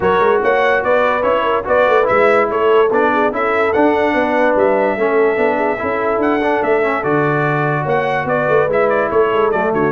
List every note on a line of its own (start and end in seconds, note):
0.00 0.20 F#3
0.00 1.22 F#4
0.00 0.41 A#4
0.00 0.42 C#5
0.20 0.40 G#3
0.41 0.83 A#3
0.41 0.83 C#5
0.41 0.83 F#5
0.83 1.23 B3
0.83 1.43 B4
0.83 1.22 D5
1.22 1.64 C#4
1.22 1.63 E4
1.22 1.64 C#5
1.43 1.64 A#4
1.64 1.87 B3
1.64 2.04 F#4
1.64 2.49 B4
1.64 2.07 D5
1.87 2.08 A3
2.04 2.50 G#3
2.04 2.87 E4
2.04 2.48 E5
2.50 2.90 A3
2.50 3.12 A4
2.50 2.92 C#5
2.90 3.31 B3
2.90 3.32 D4
2.90 3.33 D5
3.12 3.33 G#4
3.31 3.72 C#4
3.31 3.73 E4
3.31 4.13 A4
3.31 3.72 E5
3.72 4.98 D4
3.72 4.14 D4
3.72 4.55 F#5
4.13 4.55 B3
4.13 4.96 B4
4.55 4.97 G3
4.55 6.21 E5
4.97 5.37 A3
4.97 5.36 C#4
4.97 5.56 A4
5.36 5.78 B3
5.36 5.77 D4
5.56 5.77 G#4
5.78 6.18 C#4
5.78 6.40 E4
5.78 7.82 A4
6.18 6.59 D4
6.18 6.62 F#5
6.41 6.82 D4
6.62 7.04 A3
6.62 7.03 E5
6.82 7.03 C#4
7.03 7.85 D3
7.03 8.69 F#4
7.03 7.86 D5
7.82 8.25 A#3
7.82 8.23 C#5
7.88 8.28 F#5
8.25 8.45 B3
8.25 9.10 B4
8.25 8.69 D5
8.48 8.67 A3
8.67 9.09 G#3
8.67 9.52 E4
8.67 8.89 E5
8.89 9.10 D5
9.10 9.31 A3
9.10 9.73 A4
9.10 9.51 C#5
9.32 9.52 G#3
9.51 9.72 F#3
9.51 9.91 A3
9.51 9.72 D5
9.72 9.91 D3
9.72 9.91 F#4
9.72 9.91 C#5